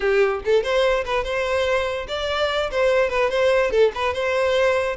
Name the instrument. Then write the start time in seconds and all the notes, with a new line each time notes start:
violin
0.00 G4
0.44 A4
0.63 C5
1.04 B4
1.23 C5
2.08 D5
2.70 C5
3.09 B4
3.30 C5
3.71 A4
3.94 B4
4.13 C5